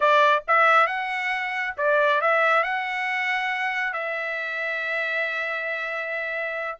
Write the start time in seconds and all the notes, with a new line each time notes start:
0.00 D5
0.47 E5
0.86 F#5
1.77 D5
2.21 E5
2.63 F#5
3.93 E5